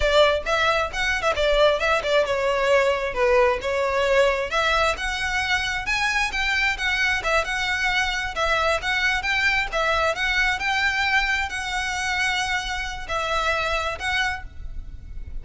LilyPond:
\new Staff \with { instrumentName = "violin" } { \time 4/4 \tempo 4 = 133 d''4 e''4 fis''8. e''16 d''4 | e''8 d''8 cis''2 b'4 | cis''2 e''4 fis''4~ | fis''4 gis''4 g''4 fis''4 |
e''8 fis''2 e''4 fis''8~ | fis''8 g''4 e''4 fis''4 g''8~ | g''4. fis''2~ fis''8~ | fis''4 e''2 fis''4 | }